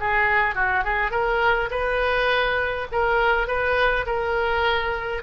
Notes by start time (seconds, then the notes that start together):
0.00 G#4
0.55 F#4
0.84 G#4
1.11 A#4
1.71 B4
2.92 A#4
3.47 B4
4.06 A#4